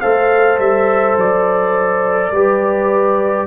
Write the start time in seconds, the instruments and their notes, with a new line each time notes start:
0.00 tuba A3, trombone A4, horn C5, trumpet F5
0.58 tuba G3, trumpet E5
1.16 tuba F#3, trumpet D5
2.30 tuba G3, trombone G4, horn B4